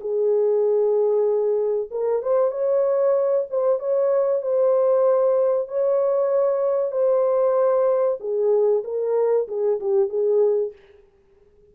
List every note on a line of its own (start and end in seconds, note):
0.00 1.89 G#4
1.90 2.22 A#4
2.22 2.51 C5
2.51 3.46 C#5
3.50 3.79 C5
3.79 4.42 C#5
4.42 5.68 C5
5.68 6.91 C#5
6.91 8.18 C5
8.20 8.83 G#4
8.84 9.47 A#4
9.48 9.79 G#4
9.80 10.09 G4
10.09 10.72 G#4